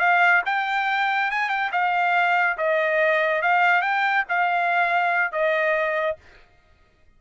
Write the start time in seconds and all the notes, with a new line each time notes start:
0.00 F5
0.46 G5
1.31 G#5
1.50 G5
1.73 F5
2.58 D#5
3.42 F5
3.82 G5
4.29 F5
5.32 D#5